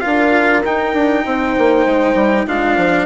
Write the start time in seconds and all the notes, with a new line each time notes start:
0.00 D4 F4 A#4 F5
0.65 D#4 G5
0.94 D4
1.26 C4 C5
1.58 A#3
1.86 G#3
2.15 G3
2.46 G#3 D4 F4 F5
2.78 F3